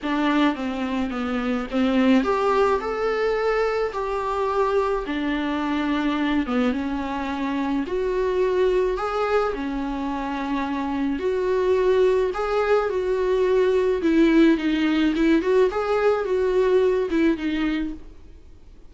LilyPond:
\new Staff \with { instrumentName = "viola" } { \time 4/4 \tempo 4 = 107 d'4 c'4 b4 c'4 | g'4 a'2 g'4~ | g'4 d'2~ d'8 b8 | cis'2 fis'2 |
gis'4 cis'2. | fis'2 gis'4 fis'4~ | fis'4 e'4 dis'4 e'8 fis'8 | gis'4 fis'4. e'8 dis'4 | }